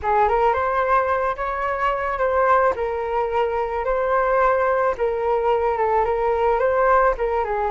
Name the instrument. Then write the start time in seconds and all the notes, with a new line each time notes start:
flute
0.02 G#4
0.28 A#4
0.53 C5
1.36 C#5
2.18 C5
2.75 A#4
3.84 C5
4.97 A#4
5.77 A4
6.05 A#4
6.59 C5
7.17 A#4
7.44 G#4